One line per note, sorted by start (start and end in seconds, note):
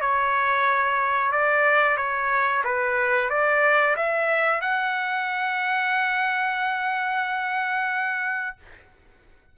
0.00 1.31 C#5
1.31 1.97 D5
1.97 2.63 C#5
2.64 3.29 B4
3.29 3.95 D5
3.96 4.61 E5
4.61 8.56 F#5